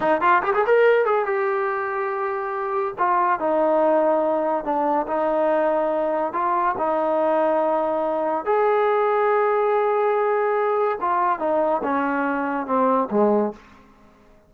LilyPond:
\new Staff \with { instrumentName = "trombone" } { \time 4/4 \tempo 4 = 142 dis'8 f'8 g'16 gis'16 ais'4 gis'8 g'4~ | g'2. f'4 | dis'2. d'4 | dis'2. f'4 |
dis'1 | gis'1~ | gis'2 f'4 dis'4 | cis'2 c'4 gis4 | }